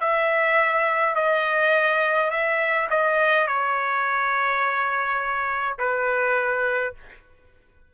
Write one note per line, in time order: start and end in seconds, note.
0.00 1.15 E5
1.15 2.30 D#5
2.30 2.88 E5
2.90 3.47 D#5
3.47 5.77 C#5
5.78 6.93 B4